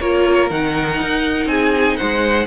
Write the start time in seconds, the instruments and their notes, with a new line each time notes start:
0.00 cello A#3, viola F4, violin A#4 C#5
0.51 cello D#3, viola D#4, violin F#5
1.01 cello D#4
1.46 cello C4, violin G#4 G#5
1.97 cello G#3, violin C5 F#5